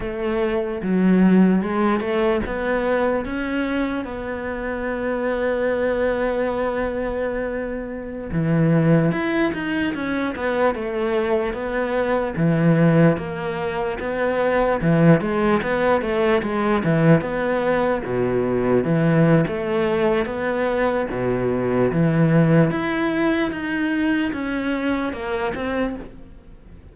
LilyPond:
\new Staff \with { instrumentName = "cello" } { \time 4/4 \tempo 4 = 74 a4 fis4 gis8 a8 b4 | cis'4 b2.~ | b2~ b16 e4 e'8 dis'16~ | dis'16 cis'8 b8 a4 b4 e8.~ |
e16 ais4 b4 e8 gis8 b8 a16~ | a16 gis8 e8 b4 b,4 e8. | a4 b4 b,4 e4 | e'4 dis'4 cis'4 ais8 c'8 | }